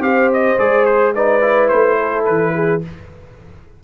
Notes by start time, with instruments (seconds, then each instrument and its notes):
0.00 tuba C4, trombone G4, horn C5, trumpet F5
0.33 trumpet D#5
0.58 tuba G#3, trombone G#4, trumpet D5
0.86 trumpet C5
1.15 trombone D#4, horn B4, trumpet D5
1.42 trombone E4
1.69 tuba A3, trumpet C5
1.98 horn A4
2.26 tuba E3, trumpet B4
2.55 horn G#4